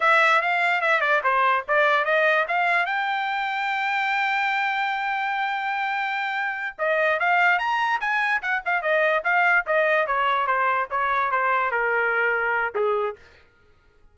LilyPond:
\new Staff \with { instrumentName = "trumpet" } { \time 4/4 \tempo 4 = 146 e''4 f''4 e''8 d''8 c''4 | d''4 dis''4 f''4 g''4~ | g''1~ | g''1~ |
g''8 dis''4 f''4 ais''4 gis''8~ | gis''8 fis''8 f''8 dis''4 f''4 dis''8~ | dis''8 cis''4 c''4 cis''4 c''8~ | c''8 ais'2~ ais'8 gis'4 | }